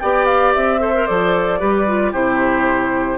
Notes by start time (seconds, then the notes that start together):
0.00 B3 G4 D5 G5
0.26 F5
0.54 C4 E5
0.80 A4 C5
0.94 A#4
1.06 F3 A4 D5
1.60 G3 G4 B4
1.87 F4
2.12 C3 E4 G4 C5